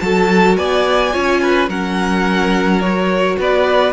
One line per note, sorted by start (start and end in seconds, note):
0.00 0.57 F#3
0.00 1.12 F#4
0.00 0.58 A4
0.00 0.56 A5
0.57 1.13 B3
0.57 1.13 D5
0.57 1.69 G#5
1.12 1.68 C#4
1.12 1.68 F4
1.12 1.41 C#5
1.42 1.70 B4
1.68 3.37 F#3
1.68 2.82 C#4
1.68 3.38 A#4
1.68 2.81 F#5
2.81 3.93 F#4
2.81 3.37 C#5
3.39 3.93 B3
3.39 3.93 B4
3.39 3.93 D5